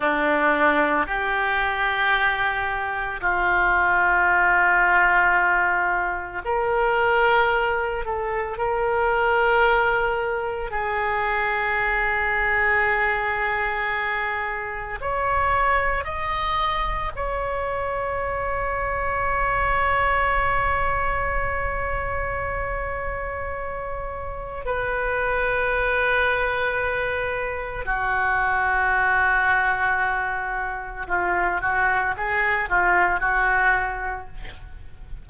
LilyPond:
\new Staff \with { instrumentName = "oboe" } { \time 4/4 \tempo 4 = 56 d'4 g'2 f'4~ | f'2 ais'4. a'8 | ais'2 gis'2~ | gis'2 cis''4 dis''4 |
cis''1~ | cis''2. b'4~ | b'2 fis'2~ | fis'4 f'8 fis'8 gis'8 f'8 fis'4 | }